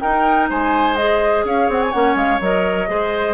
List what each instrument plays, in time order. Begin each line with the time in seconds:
0.00 clarinet D#4, bassoon D#4, oboe A#4, flute G5
0.49 bassoon G#3, oboe C5, flute G#5
0.96 clarinet G#4, flute D#5
1.44 bassoon C#4, oboe C#5, flute F5
1.69 bassoon C4, flute F#5
1.82 flute G#5
1.92 bassoon A#3, clarinet C#4, flute F#5
2.15 bassoon G#3, flute F5
2.40 bassoon F#3, clarinet A#4, flute D#5
2.88 bassoon G#3, clarinet G#4, oboe C5